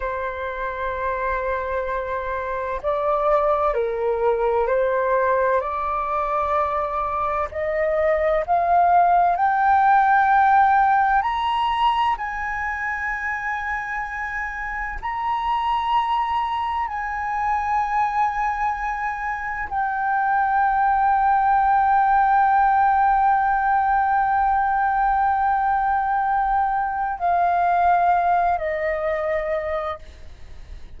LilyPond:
\new Staff \with { instrumentName = "flute" } { \time 4/4 \tempo 4 = 64 c''2. d''4 | ais'4 c''4 d''2 | dis''4 f''4 g''2 | ais''4 gis''2. |
ais''2 gis''2~ | gis''4 g''2.~ | g''1~ | g''4 f''4. dis''4. | }